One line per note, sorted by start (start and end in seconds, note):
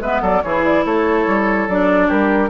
0.00 0.21 G#3
0.00 0.44 B3
0.00 0.21 B4
0.00 0.22 E5
0.21 0.42 F#3
0.21 0.42 A4
0.21 0.42 D5
0.42 0.85 E3
0.42 1.69 E4
0.42 0.85 G#4
0.42 0.63 C#5
0.64 0.85 D5
0.85 1.26 A3
0.85 2.08 A4
0.85 1.68 C#5
1.27 1.68 G3
1.68 2.09 F#3
1.68 2.50 D4
1.68 2.10 D5
2.08 2.50 G3
2.08 2.49 G4
2.08 2.50 A#4